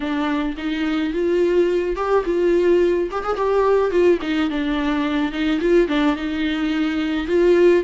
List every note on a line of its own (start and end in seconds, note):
0.00 0.55 D4
0.57 1.13 D#4
1.13 1.95 F4
1.95 2.24 G4
2.25 3.09 F4
3.11 3.24 G4
3.24 3.36 G#4
3.36 3.90 G4
3.90 4.19 F4
4.21 4.49 D#4
4.50 5.31 D4
5.31 5.59 D#4
5.60 5.88 F4
5.88 6.16 D4
6.16 7.27 D#4
7.27 7.83 F4